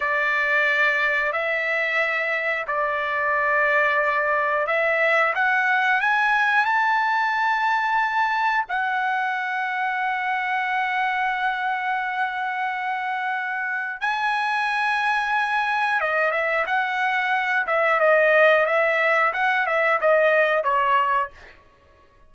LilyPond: \new Staff \with { instrumentName = "trumpet" } { \time 4/4 \tempo 4 = 90 d''2 e''2 | d''2. e''4 | fis''4 gis''4 a''2~ | a''4 fis''2.~ |
fis''1~ | fis''4 gis''2. | dis''8 e''8 fis''4. e''8 dis''4 | e''4 fis''8 e''8 dis''4 cis''4 | }